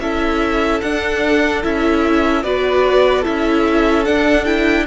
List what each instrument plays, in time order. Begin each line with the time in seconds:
0.00 cello C#4, viola E4, violin A4 E5
0.81 viola D4, cello D4, violin F#5
1.63 cello C#4, viola E4, violin E5
2.44 cello B3, viola F#4, violin B4 D5
3.21 viola E4, violin A4 E5
3.28 cello C#4
4.05 viola D4, cello D4, violin F#5
4.45 viola E4, violin G5